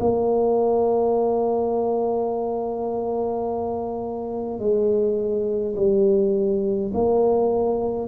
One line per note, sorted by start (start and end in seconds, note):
0.00 4.59 A#3
4.59 5.74 G#3
5.76 6.91 G3
6.93 8.08 A#3